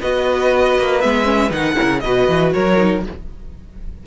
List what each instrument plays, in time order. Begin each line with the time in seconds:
0.00 cello B3, viola F#4, violin B4 D#5
0.78 cello A#3
1.00 cello G#3, viola B3, violin E5
1.23 viola C#4
1.50 cello D#3, viola D#4, violin F#5
1.74 viola E4, violin A#4
1.82 cello C#3
2.00 cello B2, viola F#4, violin B4 D#5
2.28 cello E3
2.53 cello F#3, violin A#4 C#5
2.77 viola D#4